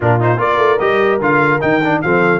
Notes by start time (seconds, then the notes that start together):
0.00 A#2 D4 F4 A#4
0.20 D#4 C5
0.37 A#3 F4 A#4 D5
0.57 A3
0.79 G3 G4 D#5
1.20 D3 F4 F5
1.60 D#3 D#4 G5
1.83 D4
2.01 F3 C4 A4 F5